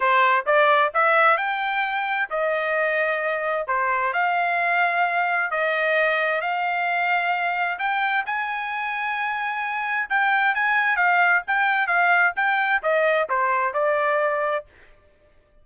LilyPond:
\new Staff \with { instrumentName = "trumpet" } { \time 4/4 \tempo 4 = 131 c''4 d''4 e''4 g''4~ | g''4 dis''2. | c''4 f''2. | dis''2 f''2~ |
f''4 g''4 gis''2~ | gis''2 g''4 gis''4 | f''4 g''4 f''4 g''4 | dis''4 c''4 d''2 | }